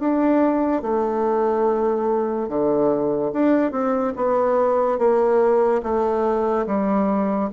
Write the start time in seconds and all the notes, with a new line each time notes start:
0.00 D4
0.82 A3
2.49 D3
3.33 D4
3.72 C4
4.17 B3
4.99 A#3
5.83 A3
6.67 G3